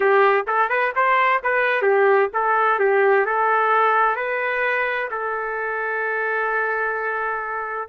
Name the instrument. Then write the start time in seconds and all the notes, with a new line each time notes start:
trumpet
0.00 G4
0.47 A4
0.69 B4
0.95 C5
1.43 B4
1.82 G4
2.33 A4
2.79 G4
3.25 A4
4.16 B4
5.10 A4